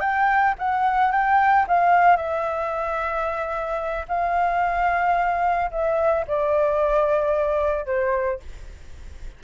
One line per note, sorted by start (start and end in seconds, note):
0.00 0.54 G5
0.58 1.11 F#5
1.11 1.65 G5
1.67 2.16 F5
2.16 4.05 E5
4.08 5.70 F5
5.71 6.25 E5
6.27 7.85 D5
7.85 8.39 C5